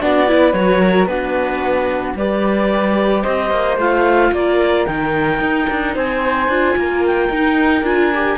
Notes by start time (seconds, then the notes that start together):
0.00 B3 D4 F#4 D5
0.27 E4 B4
0.53 F#3 F#4 C#5
0.81 A#4
1.06 B3 D4 F#4 B4
2.15 G3 G4 B4 D5
3.22 C4 C5 D#5
3.50 A#3
3.77 A3 F4 F5
4.32 A#3 A#4 D5
4.86 D#3 D#4 G5
5.40 D#4
5.69 D4
5.95 C4 C5 G#5
6.48 D4 F4
6.76 A#3 A#4
7.06 G5
7.29 D#4
7.82 D4 F4 G#5
8.14 G4